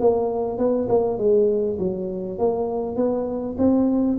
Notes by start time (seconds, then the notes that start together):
0.00 A#3
0.58 B3
0.89 A#3
1.18 G#3
1.79 F#3
2.38 A#3
2.96 B3
3.58 C4